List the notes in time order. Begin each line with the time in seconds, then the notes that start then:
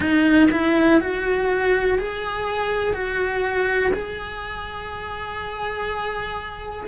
0.00 D#4
0.51 E4
1.00 F#4
1.98 G#4
2.93 F#4
3.93 G#4